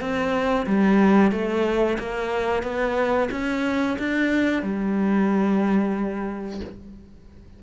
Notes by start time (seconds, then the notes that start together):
0.00 C4
0.66 G3
1.31 A3
1.98 A#3
2.63 B3
3.31 C#4
3.98 D4
4.62 G3